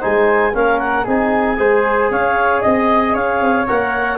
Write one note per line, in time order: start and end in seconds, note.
0.00 0.54 G#3
0.00 0.53 D#4
0.00 0.52 C5
0.00 0.55 G#5
0.54 1.06 A#3
0.54 1.06 C#4
0.54 1.04 A#4
0.54 0.79 F5
0.79 1.05 F#5
1.04 1.59 C4
1.04 1.57 D#4
1.04 1.56 G#4
1.04 2.12 G#5
1.57 2.11 G#3
1.57 3.66 G#4
1.57 2.11 C5
2.11 2.63 C#4
2.11 2.62 C#5
2.11 2.61 F5
2.61 3.16 C4
2.61 3.13 D#5
2.61 3.14 D#5
3.14 3.41 C#4
3.14 4.18 C#5
3.14 3.67 F5
3.41 3.67 C4
3.67 4.18 A#3
3.67 4.18 A#4
3.67 4.18 F#5